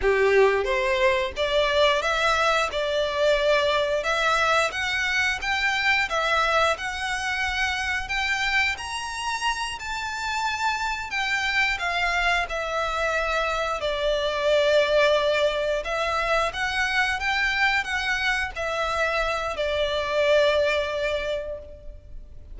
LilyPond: \new Staff \with { instrumentName = "violin" } { \time 4/4 \tempo 4 = 89 g'4 c''4 d''4 e''4 | d''2 e''4 fis''4 | g''4 e''4 fis''2 | g''4 ais''4. a''4.~ |
a''8 g''4 f''4 e''4.~ | e''8 d''2. e''8~ | e''8 fis''4 g''4 fis''4 e''8~ | e''4 d''2. | }